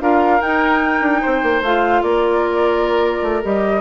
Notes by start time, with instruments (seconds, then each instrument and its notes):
0.00 bassoon D4, clarinet F4, oboe A#4, flute F5
0.41 bassoon D#4, clarinet D#4, flute G5
1.01 bassoon D4
1.22 bassoon C4, oboe C5
1.43 bassoon A#3
1.62 bassoon A3, clarinet F4, flute F5
2.03 bassoon A#3, oboe A#4, flute D5
3.22 bassoon A3
3.43 bassoon G3, clarinet G4, flute D#5